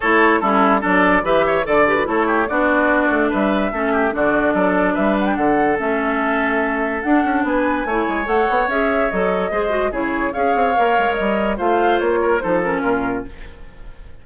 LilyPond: <<
  \new Staff \with { instrumentName = "flute" } { \time 4/4 \tempo 4 = 145 cis''4 a'4 d''4 e''4 | d''8 b'8 cis''4 d''2 | e''2 d''2 | e''8 fis''16 g''16 fis''4 e''2~ |
e''4 fis''4 gis''2 | fis''4 e''4 dis''2 | cis''4 f''2 dis''4 | f''4 cis''4 c''8 ais'4. | }
  \new Staff \with { instrumentName = "oboe" } { \time 4/4 a'4 e'4 a'4 b'8 cis''8 | d''4 a'8 g'8 fis'2 | b'4 a'8 g'8 fis'4 a'4 | b'4 a'2.~ |
a'2 b'4 cis''4~ | cis''2. c''4 | gis'4 cis''2. | c''4. ais'8 a'4 f'4 | }
  \new Staff \with { instrumentName = "clarinet" } { \time 4/4 e'4 cis'4 d'4 g'4 | a'8 g'16 fis'16 e'4 d'2~ | d'4 cis'4 d'2~ | d'2 cis'2~ |
cis'4 d'2 e'4 | a'4 gis'4 a'4 gis'8 fis'8 | e'4 gis'4 ais'2 | f'2 dis'8 cis'4. | }
  \new Staff \with { instrumentName = "bassoon" } { \time 4/4 a4 g4 fis4 e4 | d4 a4 b4. a8 | g4 a4 d4 fis4 | g4 d4 a2~ |
a4 d'8 cis'8 b4 a8 gis8 | a8 b8 cis'4 fis4 gis4 | cis4 cis'8 c'8 ais8 gis8 g4 | a4 ais4 f4 ais,4 | }
>>